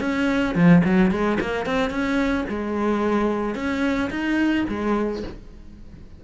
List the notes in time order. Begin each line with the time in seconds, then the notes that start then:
0.00 C#4
0.55 F3
0.84 F#3
1.11 G#3
1.40 A#3
1.65 C4
1.90 C#4
2.48 G#3
3.55 C#4
4.10 D#4
4.68 G#3